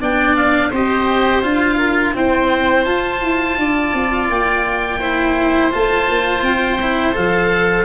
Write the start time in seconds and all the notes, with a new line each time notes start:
0.00 B3 D4 D5 G5
0.36 F5
0.70 C4 G4 C5 D#5
1.43 D4 F4 F5
1.78 A#4
2.14 C4 E4 C5 G5
2.84 F4 A5
3.21 E4
3.57 D4 D5
3.93 C4
4.29 A#3 G5
4.99 E4 C5
5.71 A3 F4 A5
6.08 A#3
6.42 C4 G5
6.81 E4
7.13 F3 A4 F5